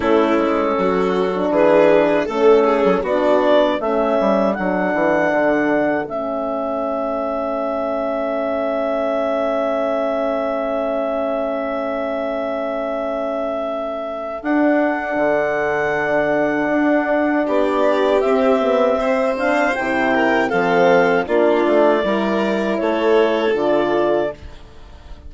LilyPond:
<<
  \new Staff \with { instrumentName = "clarinet" } { \time 4/4 \tempo 4 = 79 a'2 b'4 a'4 | d''4 e''4 fis''2 | e''1~ | e''1~ |
e''2. fis''4~ | fis''2. d''4 | e''4. f''8 g''4 f''4 | d''2 cis''4 d''4 | }
  \new Staff \with { instrumentName = "violin" } { \time 4/4 e'4 fis'4 gis'4 a'8 gis'8 | fis'4 a'2.~ | a'1~ | a'1~ |
a'1~ | a'2. g'4~ | g'4 c''4. ais'8 a'4 | f'4 ais'4 a'2 | }
  \new Staff \with { instrumentName = "horn" } { \time 4/4 cis'4.~ cis'16 d'4~ d'16 cis'4 | d'4 cis'4 d'2 | cis'1~ | cis'1~ |
cis'2. d'4~ | d'1 | c'8 b8 c'8 d'8 e'4 c'4 | d'4 e'2 f'4 | }
  \new Staff \with { instrumentName = "bassoon" } { \time 4/4 a8 gis8 fis4 e4 a8. fis16 | b4 a8 g8 fis8 e8 d4 | a1~ | a1~ |
a2. d'4 | d2 d'4 b4 | c'2 c4 f4 | ais8 a8 g4 a4 d4 | }
>>